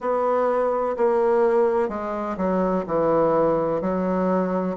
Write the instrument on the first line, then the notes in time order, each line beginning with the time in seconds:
bassoon
0.00 B3
0.97 A#3
1.88 G#3
2.37 F#3
2.86 E3
3.81 F#3